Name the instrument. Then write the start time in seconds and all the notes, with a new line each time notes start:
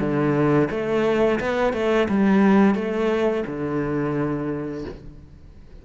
cello
0.00 D3
0.71 A3
1.40 B3
1.73 A3
2.09 G3
2.75 A3
3.47 D3